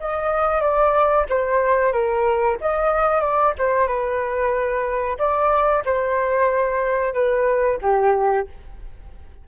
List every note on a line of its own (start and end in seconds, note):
0.00 0.61 D#5
0.61 1.26 D5
1.29 1.93 C5
1.93 2.58 A#4
2.61 3.21 D#5
3.21 3.54 D5
3.58 3.87 C5
3.87 5.18 B4
5.18 5.84 D5
5.85 7.14 C5
7.14 7.79 B4
7.82 8.47 G4